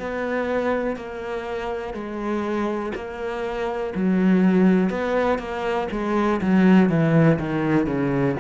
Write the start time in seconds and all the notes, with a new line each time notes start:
0.00 B3
0.97 A#3
1.94 G#3
2.96 A#3
3.96 F#3
4.90 B3
5.39 A#3
5.92 G#3
6.42 F#3
6.90 E3
7.39 D#3
7.87 C#3